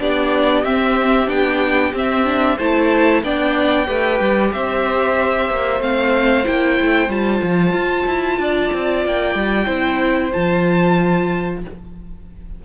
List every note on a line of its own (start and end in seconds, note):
0.00 0.64 B3
0.00 0.64 D4
0.00 2.57 G4
0.00 0.65 D5
0.64 1.28 C4
0.64 1.27 C4
0.64 1.29 E5
1.27 1.93 B3
1.27 1.92 D4
1.27 1.94 G5
1.93 2.58 C4
1.93 2.25 C4
1.93 2.59 E5
2.25 2.57 D4
2.57 3.23 A3
2.57 3.24 E4
2.57 3.22 C5
2.57 3.23 A5
3.23 3.88 B3
3.23 3.86 D4
3.23 3.87 D5
3.23 4.53 G5
3.86 4.21 A3
3.86 5.80 G4
3.86 4.52 B4
4.21 4.53 G3
4.53 5.50 C4
4.53 8.41 C5
4.53 5.82 E5
5.50 5.81 A#3
5.80 6.45 A3
5.80 6.44 C4
5.80 6.47 F5
6.44 6.80 A#3
6.44 7.09 E4
6.44 7.11 G5
6.81 7.09 A3
7.09 7.41 G3
7.09 9.66 F4
7.09 9.05 A5
7.42 7.73 F3
7.73 8.05 F4
8.07 8.39 E4
8.39 8.71 D4
8.39 9.66 D5
8.73 9.06 C4
9.06 9.35 A#3
9.06 10.33 G5
9.35 9.68 G3
9.66 10.33 C4
9.66 10.31 E4
9.66 11.59 C5
10.33 11.65 F3
10.33 11.62 F4
10.33 11.62 A5